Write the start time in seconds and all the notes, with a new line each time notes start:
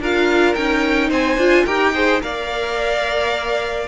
0.00 D4 F4 A#4 F5
0.55 C#4 D#4 G5
1.09 C4 C5 G#5
1.37 D4 F4
1.65 D#4 G4 A#4 G5
1.94 G#4 C5
2.22 A#3 A#4 D5 F5